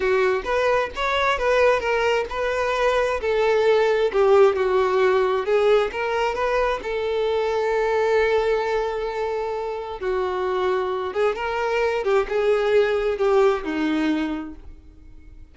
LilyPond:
\new Staff \with { instrumentName = "violin" } { \time 4/4 \tempo 4 = 132 fis'4 b'4 cis''4 b'4 | ais'4 b'2 a'4~ | a'4 g'4 fis'2 | gis'4 ais'4 b'4 a'4~ |
a'1~ | a'2 fis'2~ | fis'8 gis'8 ais'4. g'8 gis'4~ | gis'4 g'4 dis'2 | }